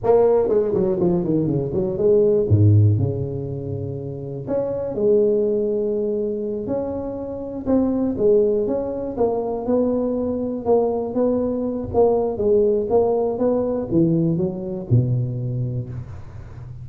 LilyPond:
\new Staff \with { instrumentName = "tuba" } { \time 4/4 \tempo 4 = 121 ais4 gis8 fis8 f8 dis8 cis8 fis8 | gis4 gis,4 cis2~ | cis4 cis'4 gis2~ | gis4. cis'2 c'8~ |
c'8 gis4 cis'4 ais4 b8~ | b4. ais4 b4. | ais4 gis4 ais4 b4 | e4 fis4 b,2 | }